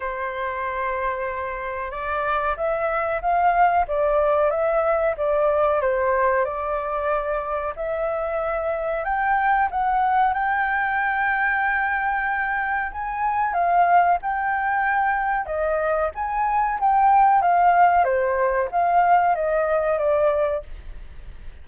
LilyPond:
\new Staff \with { instrumentName = "flute" } { \time 4/4 \tempo 4 = 93 c''2. d''4 | e''4 f''4 d''4 e''4 | d''4 c''4 d''2 | e''2 g''4 fis''4 |
g''1 | gis''4 f''4 g''2 | dis''4 gis''4 g''4 f''4 | c''4 f''4 dis''4 d''4 | }